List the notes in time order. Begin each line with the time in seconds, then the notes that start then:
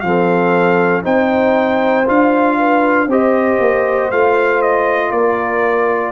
0.00 F3 C4 A4 F5
1.03 C4 D#4 C5 G5
2.06 D4 F4 F5
2.59 B4
3.07 C4 G4 C5 D#5
3.59 A#3
4.10 A3 F4 F5
4.62 D#5
5.11 A#3 A#4 D5